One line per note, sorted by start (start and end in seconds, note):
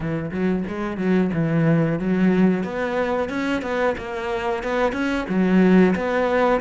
0.00 0.31 E3
0.31 0.64 F#3
0.67 0.97 G#3
0.97 1.30 F#3
1.33 1.99 E3
1.99 2.63 F#3
2.63 3.29 B3
3.29 3.62 C#4
3.62 3.95 B3
3.97 4.63 A#3
4.63 4.92 B3
4.92 5.25 C#4
5.29 5.95 F#3
5.95 6.61 B3